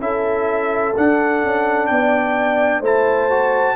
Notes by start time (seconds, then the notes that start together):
0.00 C#4 E4 A4 E5
0.97 D4 F#5
1.44 C#4
1.87 B3 D5 G5
2.81 A3 E4 C5 A5
3.30 F#4